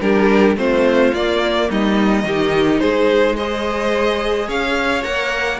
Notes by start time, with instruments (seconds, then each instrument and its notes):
0.00 cello G3, viola D4, violin G4 A#4
0.56 cello A3, viola C4, violin F4 C5
1.13 cello A#3, viola A#3, violin D5
1.69 cello G3, violin D#4 D#5
2.23 cello D#3, viola D#4, violin G4
2.80 cello G#3, violin G#4 C5
3.35 viola G#4, violin C5 D#5
4.48 cello C#4, violin C#5 F5
5.03 cello A#3, viola A#4, violin F#5